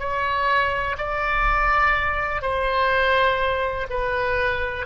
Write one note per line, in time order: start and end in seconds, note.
0.00 0.97 C#5
0.98 2.42 D5
2.42 3.88 C5
3.90 4.87 B4